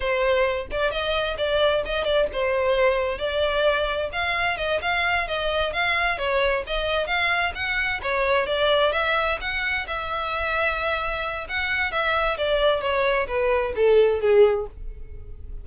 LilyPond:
\new Staff \with { instrumentName = "violin" } { \time 4/4 \tempo 4 = 131 c''4. d''8 dis''4 d''4 | dis''8 d''8 c''2 d''4~ | d''4 f''4 dis''8 f''4 dis''8~ | dis''8 f''4 cis''4 dis''4 f''8~ |
f''8 fis''4 cis''4 d''4 e''8~ | e''8 fis''4 e''2~ e''8~ | e''4 fis''4 e''4 d''4 | cis''4 b'4 a'4 gis'4 | }